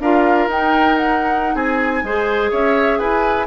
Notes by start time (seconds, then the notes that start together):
0.00 D4 F4 A#4 F5
0.47 D#4 G5
0.98 F#5
1.55 C4 G#4 G#5
2.04 G#3 G#4 C5
2.51 C#4 C#5 E5
2.99 E4 B4 G#5